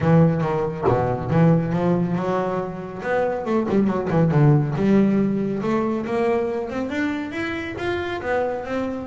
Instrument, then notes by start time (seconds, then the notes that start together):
double bass
0.00 E3
0.41 D#3
0.88 B2
1.30 E3
1.73 F3
2.15 F#3
3.02 B3
3.45 A3
3.68 G3
3.87 F#3
4.10 E3
4.31 D3
4.75 G3
5.62 A3
6.05 A#3
6.69 C4
6.89 D4
7.31 E4
7.78 F4
8.21 B3
8.64 C4